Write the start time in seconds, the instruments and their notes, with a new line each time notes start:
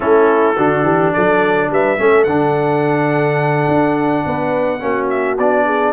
0.00 tuba A3, trombone C#4, horn E4, trumpet A4
0.56 tuba D3, trombone D4, horn F#4
0.83 tuba E3, horn G4
1.13 tuba F#3, horn A4, trumpet D5
1.70 tuba G3, horn B4, trumpet E5
1.98 tuba A3, trombone C#4, horn A4
2.23 tuba D3, trombone D4, trumpet F#5
3.67 tuba D4
4.25 tuba B3, horn B4
4.79 tuba A#3, trombone C#4, horn F#4
5.09 trumpet E5
5.38 tuba B3, trombone D4, trumpet D5
5.65 horn G#4